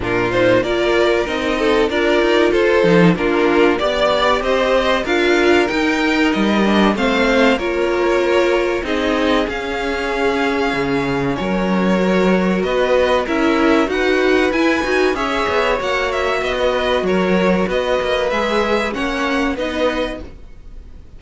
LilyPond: <<
  \new Staff \with { instrumentName = "violin" } { \time 4/4 \tempo 4 = 95 ais'8 c''8 d''4 dis''4 d''4 | c''4 ais'4 d''4 dis''4 | f''4 g''4 dis''4 f''4 | cis''2 dis''4 f''4~ |
f''2 cis''2 | dis''4 e''4 fis''4 gis''4 | e''4 fis''8 e''8 dis''4 cis''4 | dis''4 e''4 fis''4 dis''4 | }
  \new Staff \with { instrumentName = "violin" } { \time 4/4 f'4 ais'4. a'8 ais'4 | a'4 f'4 d''4 c''4 | ais'2. c''4 | ais'2 gis'2~ |
gis'2 ais'2 | b'4 ais'4 b'2 | cis''2 e''16 b16 b'8 ais'4 | b'2 cis''4 b'4 | }
  \new Staff \with { instrumentName = "viola" } { \time 4/4 d'8 dis'8 f'4 dis'4 f'4~ | f'8 dis'8 d'4 g'2 | f'4 dis'4. d'8 c'4 | f'2 dis'4 cis'4~ |
cis'2. fis'4~ | fis'4 e'4 fis'4 e'8 fis'8 | gis'4 fis'2.~ | fis'4 gis'4 cis'4 dis'4 | }
  \new Staff \with { instrumentName = "cello" } { \time 4/4 ais,4 ais4 c'4 d'8 dis'8 | f'8 f8 ais4 b4 c'4 | d'4 dis'4 g4 a4 | ais2 c'4 cis'4~ |
cis'4 cis4 fis2 | b4 cis'4 dis'4 e'8 dis'8 | cis'8 b8 ais4 b4 fis4 | b8 ais8 gis4 ais4 b4 | }
>>